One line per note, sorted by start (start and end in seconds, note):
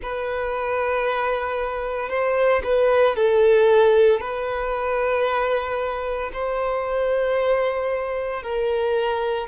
0.02 2.09 B4
2.09 2.62 C5
2.63 3.16 B4
3.16 4.20 A4
4.20 6.31 B4
6.33 8.43 C5
8.43 9.47 A#4